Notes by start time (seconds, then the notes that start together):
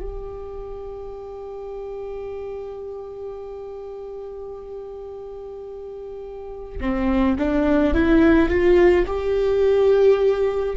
0.00 G4
6.80 C4
7.38 D4
7.94 E4
8.49 F4
9.06 G4